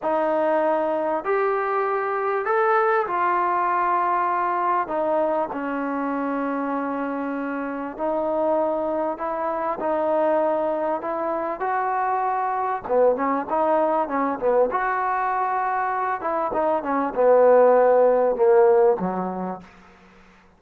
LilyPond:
\new Staff \with { instrumentName = "trombone" } { \time 4/4 \tempo 4 = 98 dis'2 g'2 | a'4 f'2. | dis'4 cis'2.~ | cis'4 dis'2 e'4 |
dis'2 e'4 fis'4~ | fis'4 b8 cis'8 dis'4 cis'8 b8 | fis'2~ fis'8 e'8 dis'8 cis'8 | b2 ais4 fis4 | }